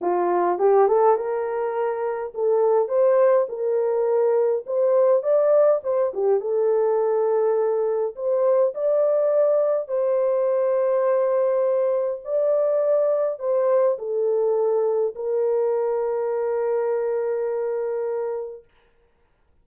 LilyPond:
\new Staff \with { instrumentName = "horn" } { \time 4/4 \tempo 4 = 103 f'4 g'8 a'8 ais'2 | a'4 c''4 ais'2 | c''4 d''4 c''8 g'8 a'4~ | a'2 c''4 d''4~ |
d''4 c''2.~ | c''4 d''2 c''4 | a'2 ais'2~ | ais'1 | }